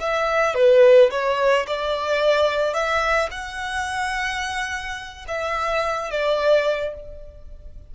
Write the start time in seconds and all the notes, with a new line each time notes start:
0.00 E5
0.55 B4
1.11 C#5
1.67 D5
2.74 E5
3.31 F#5
5.28 E5
6.11 D5